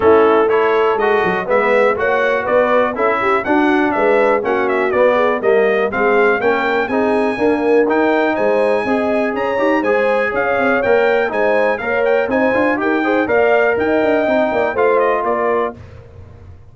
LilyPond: <<
  \new Staff \with { instrumentName = "trumpet" } { \time 4/4 \tempo 4 = 122 a'4 cis''4 dis''4 e''4 | fis''4 d''4 e''4 fis''4 | e''4 fis''8 e''8 d''4 dis''4 | f''4 g''4 gis''2 |
g''4 gis''2 ais''4 | gis''4 f''4 g''4 gis''4 | f''8 g''8 gis''4 g''4 f''4 | g''2 f''8 dis''8 d''4 | }
  \new Staff \with { instrumentName = "horn" } { \time 4/4 e'4 a'2 b'4 | cis''4 b'4 a'8 g'8 fis'4 | b'4 fis'4. gis'8 ais'4 | gis'4 ais'4 gis'4 ais'4~ |
ais'4 c''4 dis''4 cis''4 | c''4 cis''2 c''4 | cis''4 c''4 ais'8 c''8 d''4 | dis''4. d''8 c''4 ais'4 | }
  \new Staff \with { instrumentName = "trombone" } { \time 4/4 cis'4 e'4 fis'4 b4 | fis'2 e'4 d'4~ | d'4 cis'4 b4 ais4 | c'4 cis'4 dis'4 ais4 |
dis'2 gis'4. g'8 | gis'2 ais'4 dis'4 | ais'4 dis'8 f'8 g'8 gis'8 ais'4~ | ais'4 dis'4 f'2 | }
  \new Staff \with { instrumentName = "tuba" } { \time 4/4 a2 gis8 fis8 gis4 | ais4 b4 cis'4 d'4 | gis4 ais4 b4 g4 | gis4 ais4 c'4 d'4 |
dis'4 gis4 c'4 cis'8 dis'8 | gis4 cis'8 c'8 ais4 gis4 | ais4 c'8 d'8 dis'4 ais4 | dis'8 d'8 c'8 ais8 a4 ais4 | }
>>